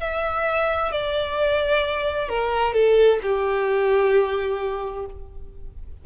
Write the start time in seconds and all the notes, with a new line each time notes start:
0.00 E5
0.91 D5
2.29 A#4
2.73 A4
3.22 G4